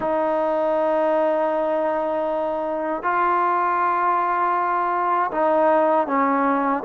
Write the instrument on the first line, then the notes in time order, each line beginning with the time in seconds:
trombone
0.00 D#4
3.02 F4
5.31 D#4
6.07 C#4